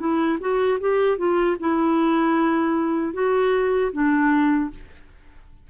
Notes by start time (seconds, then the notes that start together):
0.00 E4
0.41 F#4
0.80 G4
1.18 F4
1.60 E4
3.14 F#4
3.93 D4